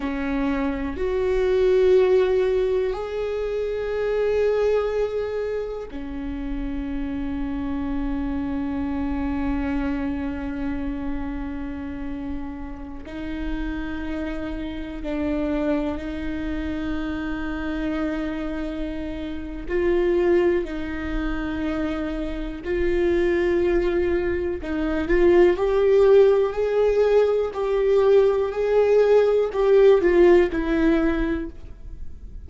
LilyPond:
\new Staff \with { instrumentName = "viola" } { \time 4/4 \tempo 4 = 61 cis'4 fis'2 gis'4~ | gis'2 cis'2~ | cis'1~ | cis'4~ cis'16 dis'2 d'8.~ |
d'16 dis'2.~ dis'8. | f'4 dis'2 f'4~ | f'4 dis'8 f'8 g'4 gis'4 | g'4 gis'4 g'8 f'8 e'4 | }